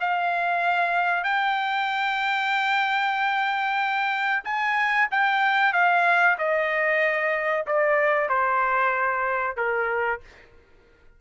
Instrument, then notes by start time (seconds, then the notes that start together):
trumpet
0.00 F5
1.24 G5
4.44 G#5
5.11 G5
5.73 F5
6.38 D#5
7.67 D5
8.29 C5
9.57 A#4